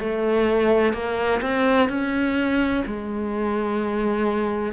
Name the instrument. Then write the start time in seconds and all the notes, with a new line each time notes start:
cello
0.00 A3
0.94 A#3
1.42 C4
1.89 C#4
2.87 G#3